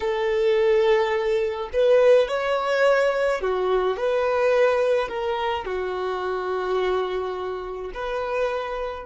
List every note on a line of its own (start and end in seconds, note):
0.00 1.69 A4
1.73 2.27 B4
2.27 3.41 C#5
3.41 3.96 F#4
3.96 5.08 B4
5.08 5.64 A#4
5.65 7.91 F#4
7.93 9.05 B4